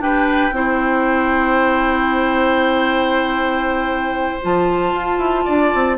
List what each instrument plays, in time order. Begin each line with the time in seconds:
0.00 clarinet D4, bassoon G4, oboe B4, flute G5
0.52 bassoon C4, clarinet E4, oboe C5
4.42 bassoon F3, clarinet F4, flute A5
4.93 bassoon F4
5.19 bassoon E4
5.45 bassoon D4, oboe D5
5.74 bassoon C4